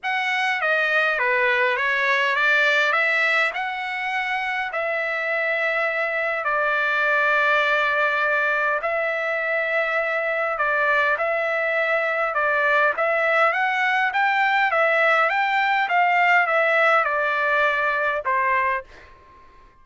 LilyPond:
\new Staff \with { instrumentName = "trumpet" } { \time 4/4 \tempo 4 = 102 fis''4 dis''4 b'4 cis''4 | d''4 e''4 fis''2 | e''2. d''4~ | d''2. e''4~ |
e''2 d''4 e''4~ | e''4 d''4 e''4 fis''4 | g''4 e''4 g''4 f''4 | e''4 d''2 c''4 | }